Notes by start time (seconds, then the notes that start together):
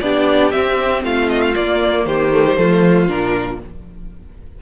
0.00 B3 D4 G4 D5
0.51 C4 E5
1.03 A3 F4 F5
1.29 D#5
1.42 F5
1.55 A#3 D5
2.05 D#3 G4 C5
2.32 A3
2.45 G3
2.56 F3 A3 F4
3.07 A#2 D4 A#4